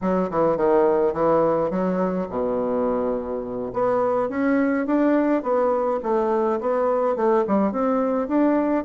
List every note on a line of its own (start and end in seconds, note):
0.01 0.30 F#3
0.30 0.56 E3
0.56 1.13 D#3
1.13 1.70 E3
1.70 2.27 F#3
2.29 3.72 B2
3.73 4.29 B3
4.29 4.86 C#4
4.86 5.43 D4
5.43 6.00 B3
6.02 6.59 A3
6.60 7.16 B3
7.16 7.44 A3
7.47 7.72 G3
7.72 8.28 C4
8.28 8.84 D4